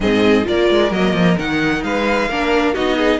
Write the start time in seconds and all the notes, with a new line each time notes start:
0.00 G#2 C4 G#4 D#5
0.43 A#3 F4 A#4 D5
0.69 G#3
0.91 F#3 A#3 D#5
1.13 F3
1.37 D#3 D#4 F#5
1.83 G#3 B4 F5
2.28 A#3 D4 A#4
2.73 B3 D#4 F#4 D#5
2.97 G#4